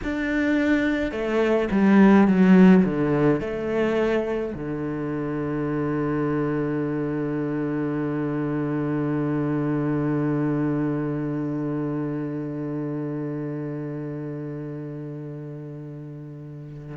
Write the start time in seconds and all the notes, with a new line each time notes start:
0.03 D4
1.11 A3
1.71 G3
2.27 F#3
2.85 D3
3.40 A3
4.53 D3